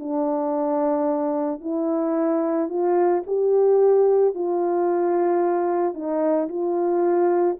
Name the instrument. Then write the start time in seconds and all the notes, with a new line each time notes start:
horn
0.00 D4
1.61 E4
2.69 F4
3.27 G4
4.35 F4
5.94 D#4
6.49 F4